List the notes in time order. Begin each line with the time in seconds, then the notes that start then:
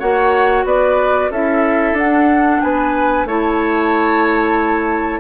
0.00 A#3 F#4 C#5 F#5
0.65 B3 B4 D5
1.31 C#4 E4 A4 E5
1.93 D4 F#5
1.99 D4
2.62 B3 B4 G#5
3.25 A3 E4 C#5 A5